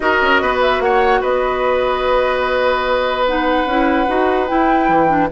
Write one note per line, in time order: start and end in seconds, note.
0.00 0.20 D#4
0.00 3.25 F#4
0.00 0.42 A#4
0.00 0.58 D#5
0.21 0.41 C#4
0.41 0.79 B3
0.41 0.83 B4
0.61 0.81 E5
0.79 1.20 A#3
0.79 1.20 C#5
0.79 1.22 F#5
1.20 3.65 B3
1.20 5.28 B4
1.20 3.26 D#5
3.26 3.68 D#4
3.26 4.46 F#5
3.65 4.06 C#4
3.65 4.06 E4
4.06 4.49 D#4
4.06 4.47 F#4
4.46 5.07 E4
4.46 4.88 E4
4.46 5.28 G5
4.88 5.29 E3
5.07 5.28 D4